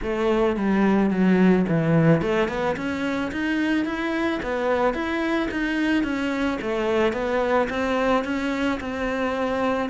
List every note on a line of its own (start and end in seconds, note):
0.02 0.56 A3
0.56 1.10 G3
1.10 1.65 F#3
1.68 2.21 E3
2.21 2.48 A3
2.48 2.75 B3
2.76 3.31 C#4
3.31 3.85 D#4
3.85 4.40 E4
4.42 4.93 B3
4.93 5.48 E4
5.51 6.03 D#4
6.03 6.58 C#4
6.61 7.13 A3
7.13 7.68 B3
7.69 8.24 C4
8.24 8.79 C#4
8.80 9.89 C4